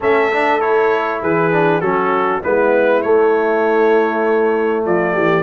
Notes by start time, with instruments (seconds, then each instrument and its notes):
0.00 tuba A3, trombone C#4, horn A4, trumpet E5
0.32 trombone D4
0.60 trombone E4, trumpet C#5
1.21 tuba E3, horn G#4, trumpet B4
1.51 trombone D4
1.81 tuba F#3, trombone C#4, horn F#4, trumpet A4
2.43 tuba G#3, trombone B3, horn E4, trumpet B4
3.02 trombone A3, tuba A3, trumpet C#5
4.85 tuba F3, horn F4, trumpet D5
5.13 tuba E3, horn G4